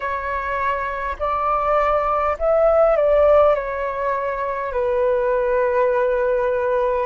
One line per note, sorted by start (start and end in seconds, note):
0.00 1.16 C#5
1.19 2.36 D5
2.39 2.96 E5
2.96 3.55 D5
3.55 4.72 C#5
4.72 7.06 B4